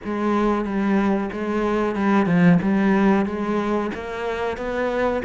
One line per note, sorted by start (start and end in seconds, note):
0.04 0.64 G#3
0.64 1.30 G3
1.32 1.95 G#3
1.95 2.26 G3
2.26 2.58 F3
2.61 3.25 G3
3.25 3.90 G#3
3.94 4.57 A#3
4.57 5.22 B3